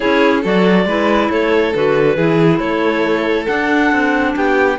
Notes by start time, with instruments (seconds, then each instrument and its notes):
0.00 cello C#4, clarinet E4 C#5, violin G#4
0.42 cello F#3, clarinet F#4 D5, violin A4
0.85 cello G#3, clarinet E4, violin B4
1.29 cello A3, violin A4, clarinet C#5
1.73 cello D3, clarinet F#4 B4
2.16 cello E3, clarinet E4, violin G#4
2.59 cello A3, violin A4, clarinet C#5
3.46 clarinet D4 F#5, cello D4
3.91 cello C4
4.36 cello B3, violin G4, clarinet G5